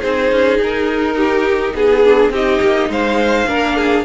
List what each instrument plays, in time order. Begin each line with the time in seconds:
0.00 cello C4, viola D#4, violin G#4 C5
0.31 cello C#4
0.59 cello D#4, violin A#4
1.16 violin G4
1.74 cello B3, violin G#4
2.04 viola D4
2.29 cello C4, viola D#4, violin G4 D#5
2.61 cello A#3
2.89 cello G#3, violin C5 F5
3.47 cello A#3, viola D4, violin A#4
3.76 violin G#4